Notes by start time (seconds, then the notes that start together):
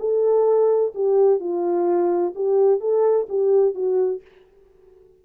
0.00 A4
0.95 G4
1.40 F4
2.36 G4
2.81 A4
3.29 G4
3.75 F#4